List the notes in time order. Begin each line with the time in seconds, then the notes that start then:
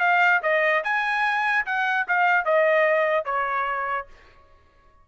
0.00 F5
0.43 D#5
0.84 G#5
1.66 F#5
2.08 F5
2.45 D#5
3.25 C#5